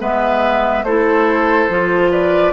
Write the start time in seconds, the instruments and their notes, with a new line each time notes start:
0.00 bassoon G#3, clarinet B3, oboe B4, flute E5
0.83 bassoon A3, clarinet E4, oboe A4, flute C5
1.69 bassoon F3, clarinet F4
2.12 oboe B4, flute D5